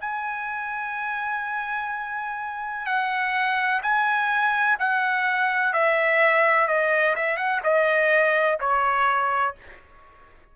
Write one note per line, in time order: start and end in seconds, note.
0.00 2.86 G#5
2.86 3.81 F#5
3.82 4.77 G#5
4.79 5.73 F#5
5.73 6.67 E5
6.67 7.15 D#5
7.16 7.36 E5
7.36 7.60 F#5
7.63 8.58 D#5
8.60 9.55 C#5